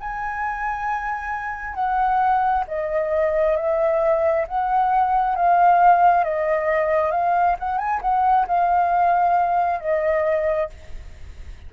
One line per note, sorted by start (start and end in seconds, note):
0.00 1.74 G#5
1.74 2.64 F#5
2.67 3.57 D#5
3.57 4.46 E5
4.47 5.36 F#5
5.36 6.24 F5
6.24 7.12 D#5
7.12 7.56 F5
7.60 7.78 F#5
7.78 8.01 G#5
8.02 8.47 F#5
8.47 9.80 F5
9.80 10.70 D#5